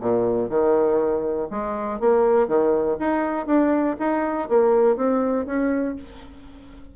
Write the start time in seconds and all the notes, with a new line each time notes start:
0.00 A#2
0.49 D#3
1.50 G#3
1.99 A#3
2.47 D#3
2.99 D#4
3.46 D4
3.99 D#4
4.48 A#3
4.96 C4
5.46 C#4